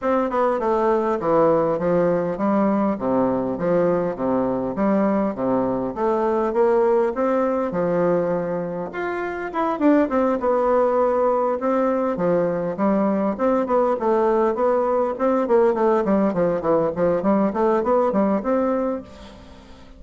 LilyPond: \new Staff \with { instrumentName = "bassoon" } { \time 4/4 \tempo 4 = 101 c'8 b8 a4 e4 f4 | g4 c4 f4 c4 | g4 c4 a4 ais4 | c'4 f2 f'4 |
e'8 d'8 c'8 b2 c'8~ | c'8 f4 g4 c'8 b8 a8~ | a8 b4 c'8 ais8 a8 g8 f8 | e8 f8 g8 a8 b8 g8 c'4 | }